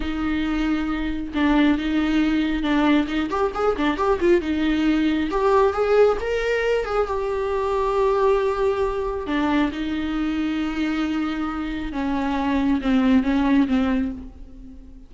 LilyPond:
\new Staff \with { instrumentName = "viola" } { \time 4/4 \tempo 4 = 136 dis'2. d'4 | dis'2 d'4 dis'8 g'8 | gis'8 d'8 g'8 f'8 dis'2 | g'4 gis'4 ais'4. gis'8 |
g'1~ | g'4 d'4 dis'2~ | dis'2. cis'4~ | cis'4 c'4 cis'4 c'4 | }